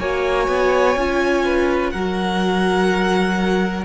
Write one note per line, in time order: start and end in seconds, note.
0.00 0.48 A#3
0.00 0.97 F#4
0.00 1.45 C#5
0.00 1.91 G#5
0.48 0.96 B3
0.96 1.93 C#4
0.96 1.95 F4
1.45 1.93 B4
1.91 3.85 F#3
1.91 3.85 F#4
1.91 3.85 A#4
1.91 3.84 F#5